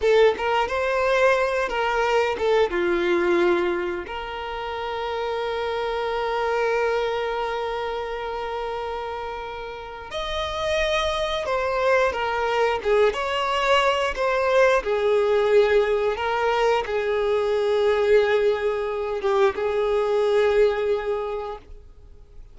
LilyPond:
\new Staff \with { instrumentName = "violin" } { \time 4/4 \tempo 4 = 89 a'8 ais'8 c''4. ais'4 a'8 | f'2 ais'2~ | ais'1~ | ais'2. dis''4~ |
dis''4 c''4 ais'4 gis'8 cis''8~ | cis''4 c''4 gis'2 | ais'4 gis'2.~ | gis'8 g'8 gis'2. | }